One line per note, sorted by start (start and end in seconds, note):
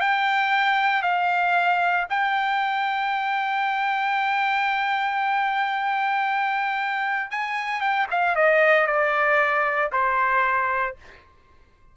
0.00 1.02 G5
1.02 2.06 F5
2.09 7.30 G5
7.30 7.80 G#5
7.80 8.06 G5
8.10 8.35 F5
8.35 8.86 D#5
8.86 9.91 D5
9.92 10.96 C5